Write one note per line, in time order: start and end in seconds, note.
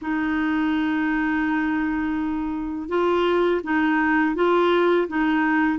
0.01 2.88 D#4
2.88 3.61 F4
3.63 4.35 D#4
4.35 5.07 F4
5.08 5.78 D#4